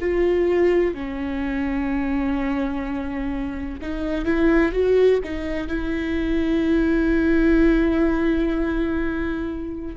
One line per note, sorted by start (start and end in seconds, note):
0.00 0.94 F4
0.94 3.80 C#4
3.81 4.25 D#4
4.25 4.72 E4
4.72 5.19 F#4
5.23 5.67 D#4
5.67 9.96 E4